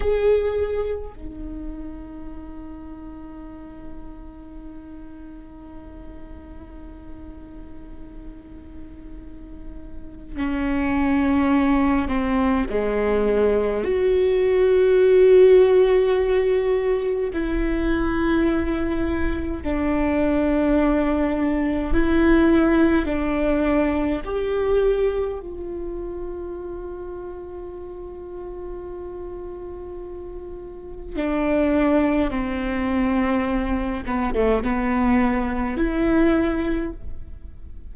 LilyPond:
\new Staff \with { instrumentName = "viola" } { \time 4/4 \tempo 4 = 52 gis'4 dis'2.~ | dis'1~ | dis'4 cis'4. c'8 gis4 | fis'2. e'4~ |
e'4 d'2 e'4 | d'4 g'4 f'2~ | f'2. d'4 | c'4. b16 a16 b4 e'4 | }